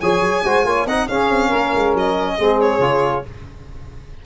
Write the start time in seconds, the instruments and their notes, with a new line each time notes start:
0.00 tuba F3, trombone G#4, saxophone C#5, violin G#5
0.21 tuba F#3
0.44 tuba G#3, trombone F#4, saxophone C5
0.65 tuba A#3, trombone F4, saxophone C#5
0.86 tuba C4, trombone D#4, saxophone D#5, violin F#5
1.08 tuba C#4, trombone C#4, saxophone G#4, violin F5
1.30 tuba C4
1.47 tuba A#3, saxophone A#4
1.75 tuba G#3
1.94 tuba F#3, violin D#5
2.39 tuba G#3, trombone C4, saxophone G#4
2.61 violin C#5
2.79 tuba C#3, trombone F4